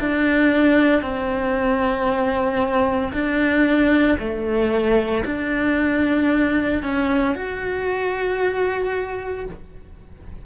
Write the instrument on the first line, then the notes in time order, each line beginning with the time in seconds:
cello
0.00 D4
1.02 C4
3.13 D4
4.19 A3
5.25 D4
6.83 C#4
7.35 F#4